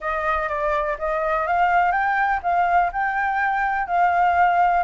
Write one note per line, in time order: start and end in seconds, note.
0.00 0.48 D#5
0.48 0.97 D5
0.98 1.46 D#5
1.46 1.91 F5
1.91 2.40 G5
2.42 2.91 F5
2.92 3.87 G5
3.87 4.83 F5